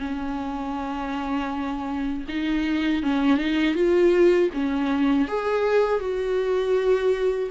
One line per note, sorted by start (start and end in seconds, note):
0.00 2.25 C#4
2.29 3.03 D#4
3.03 3.38 C#4
3.38 3.75 D#4
3.75 4.50 F4
4.54 5.28 C#4
5.28 6.00 G#4
6.00 7.50 F#4